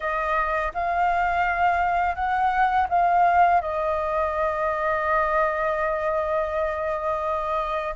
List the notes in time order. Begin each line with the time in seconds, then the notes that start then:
0.00 D#5
0.74 F5
2.15 F#5
2.89 F5
3.61 D#5